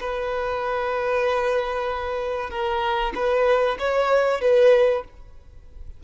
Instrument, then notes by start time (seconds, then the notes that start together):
violin
0.00 B4
2.50 A#4
3.15 B4
3.79 C#5
4.41 B4